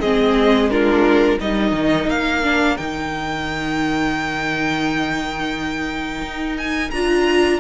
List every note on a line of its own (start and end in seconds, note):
0.00 1.38 G#3
0.00 0.70 C4
0.00 0.70 G#4
0.00 0.70 D#5
0.70 1.39 D4
0.70 1.39 F4
0.70 1.39 A#4
1.39 1.72 G3
1.39 2.43 D#4
1.39 7.60 A#4
1.39 2.09 D#5
1.72 2.06 D#3
2.07 2.76 A#3
2.07 2.77 F5
2.43 2.77 D4
2.77 6.22 D#3
2.77 6.92 D#4
2.77 6.57 G5
6.22 6.91 D#4
6.58 6.91 G#5
6.91 7.60 D4
6.91 7.60 F4
6.91 7.59 A#5